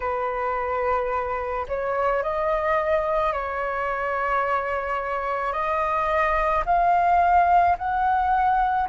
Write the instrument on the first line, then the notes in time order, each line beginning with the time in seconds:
flute
0.00 B4
1.68 C#5
2.22 D#5
3.32 C#5
5.53 D#5
6.65 F5
7.78 F#5